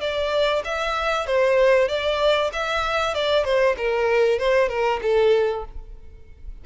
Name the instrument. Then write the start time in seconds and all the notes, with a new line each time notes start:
violin
0.00 D5
0.64 E5
1.26 C5
1.88 D5
2.53 E5
3.14 D5
3.44 C5
3.77 A#4
4.39 C5
4.68 A#4
5.02 A4